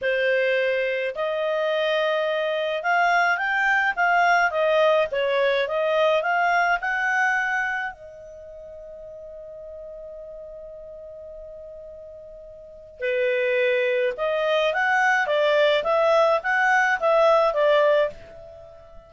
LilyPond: \new Staff \with { instrumentName = "clarinet" } { \time 4/4 \tempo 4 = 106 c''2 dis''2~ | dis''4 f''4 g''4 f''4 | dis''4 cis''4 dis''4 f''4 | fis''2 dis''2~ |
dis''1~ | dis''2. b'4~ | b'4 dis''4 fis''4 d''4 | e''4 fis''4 e''4 d''4 | }